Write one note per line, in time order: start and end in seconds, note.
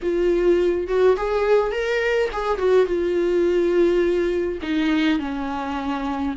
0.02 0.87 F4
0.87 1.16 F#4
1.16 1.71 G#4
1.71 2.29 A#4
2.32 2.58 G#4
2.58 2.86 F#4
2.86 4.59 F4
4.62 5.19 D#4
5.19 6.34 C#4